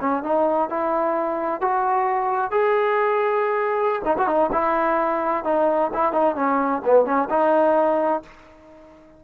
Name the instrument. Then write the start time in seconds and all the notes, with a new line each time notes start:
trombone
0.00 C#4
0.23 D#4
0.69 E4
1.61 F#4
2.51 G#4
4.05 D#4
4.18 F#4
4.27 D#4
4.52 E4
5.44 D#4
5.93 E4
6.12 D#4
6.35 C#4
6.85 B3
7.05 C#4
7.29 D#4